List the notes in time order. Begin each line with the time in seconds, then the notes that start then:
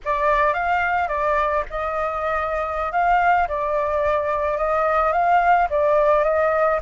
0.04 D5
0.53 F5
1.08 D5
1.70 D#5
2.92 F5
3.47 D5
4.57 D#5
5.12 F5
5.70 D5
6.23 D#5